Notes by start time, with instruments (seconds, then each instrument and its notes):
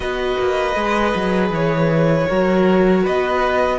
0.00 cello B3, viola F#4, violin B4 D#5
0.39 cello A#3
0.75 cello G#3, viola G#4
1.14 cello F#3
1.50 cello E3, violin C#5
2.28 cello F#3, viola F#4, violin A#4
3.03 cello B3, violin B4 D#5